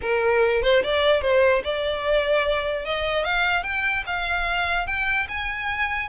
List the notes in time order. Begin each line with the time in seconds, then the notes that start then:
0.01 A#4
0.62 C5
0.83 D5
1.21 C5
1.64 D5
2.85 D#5
3.24 F5
3.63 G5
4.06 F5
4.86 G5
5.28 G#5